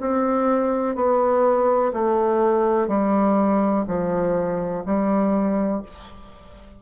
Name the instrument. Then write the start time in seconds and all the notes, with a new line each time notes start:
bassoon
0.00 C4
0.95 B3
1.93 A3
2.87 G3
3.87 F3
4.85 G3